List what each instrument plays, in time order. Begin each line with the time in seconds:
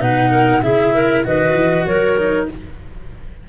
0.00 tuba B2, cello D#4, clarinet B4, flute F#5
0.31 clarinet A#4
0.63 tuba C#3, cello E4, clarinet G#4, flute E5
0.94 clarinet A#4
1.25 tuba D#3, cello F#4, clarinet B4, flute D#5
1.55 tuba E3
1.86 tuba F#3, clarinet A#4, flute C#5
2.18 cello D#4